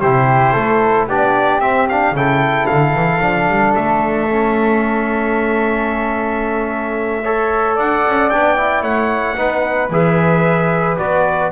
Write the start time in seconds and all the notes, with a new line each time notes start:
0.00 C3 E4 G4 C5
0.52 A3 A4
1.07 B3 D4 G4 D5
1.59 C4 E5
1.89 D4 F5
2.11 C#3 E4 A4 G5
2.66 D3 F5
2.93 E3
3.21 F3 D4
3.47 G3
3.75 A3 E5
4.29 C#4
7.23 A4 C#5
7.75 D4 D5 F#5
8.07 C#4
8.30 B3 D4 G5
8.56 E4
8.82 A3 C#5 F#5
9.36 B3 D#4 B4
9.90 E3 G#4 E5
10.98 B3 F#4 D5